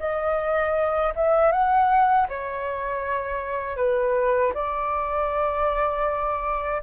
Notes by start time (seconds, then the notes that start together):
0.00 D#5
1.16 E5
1.52 F#5
2.29 C#5
3.77 B4
4.55 D5